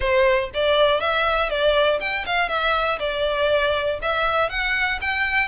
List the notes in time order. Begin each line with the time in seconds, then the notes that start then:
0.00 C5
0.54 D5
1.00 E5
1.49 D5
2.00 G5
2.25 F5
2.48 E5
2.99 D5
4.02 E5
4.49 F#5
5.01 G5